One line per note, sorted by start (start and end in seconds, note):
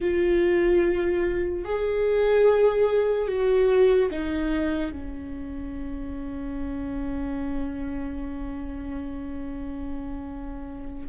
0.00 1.64 F4
1.64 3.28 G#4
3.28 4.10 F#4
4.10 4.92 D#4
4.92 11.08 C#4